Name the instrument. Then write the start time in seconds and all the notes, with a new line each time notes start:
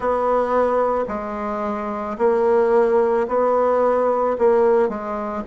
bassoon
0.00 B3
1.08 G#3
2.18 A#3
3.27 B3
4.38 A#3
4.88 G#3